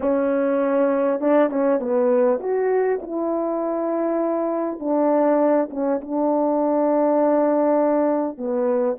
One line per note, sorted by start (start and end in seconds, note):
0.00 1.20 C#4
1.20 1.50 D4
1.50 1.79 C#4
1.79 2.39 B3
2.40 3.00 F#4
3.02 4.79 E4
4.79 5.69 D4
5.70 6.00 C#4
6.01 8.37 D4
8.37 8.97 B3